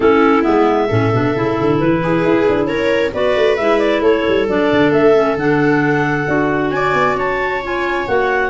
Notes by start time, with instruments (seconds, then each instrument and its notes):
0.00 tuba A3, clarinet C#4 A4, viola E4
0.42 tuba G#3, clarinet B3 E5
0.87 tuba A2, clarinet C#4, viola A4
1.12 tuba B2, clarinet D4
1.34 tuba C#3, clarinet E4
1.60 tuba D3
1.79 tuba E3, clarinet B4
2.03 viola G#4
2.24 tuba E4
2.48 tuba D4
2.66 tuba C#4, viola A#4, clarinet C#5
3.12 tuba B3, clarinet F#4 D5, viola B4
3.36 tuba A3
3.56 tuba G#3, clarinet E4 E5
3.79 clarinet D5
4.00 tuba A3, viola A4, clarinet C#5
4.28 tuba G3
4.47 tuba F#3, clarinet D4 D5
4.72 tuba D3
4.91 tuba A3, clarinet E5
5.14 clarinet C#4
5.36 tuba D3, clarinet D4 F#5
6.27 tuba D4, clarinet F#4
6.70 tuba C#4, viola D5, clarinet G#5
6.93 tuba B3
7.15 tuba C#4, viola C#5, clarinet A5
7.62 clarinet F4 G#5
8.07 tuba A#3, clarinet F#4 F#5